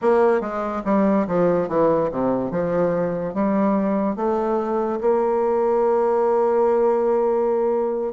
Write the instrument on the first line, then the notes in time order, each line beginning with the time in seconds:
bassoon
0.01 A#3
0.41 G#3
0.84 G3
1.27 F3
1.68 E3
2.11 C3
2.50 F3
3.33 G3
4.16 A3
5.00 A#3